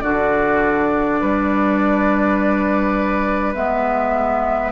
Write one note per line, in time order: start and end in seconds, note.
0.00 1.21 D3
0.00 3.55 D4
0.00 1.21 F#4
0.00 3.53 D5
1.21 3.55 G3
1.21 4.72 B4
3.55 4.72 G#3
3.55 4.72 B3
3.55 4.72 E5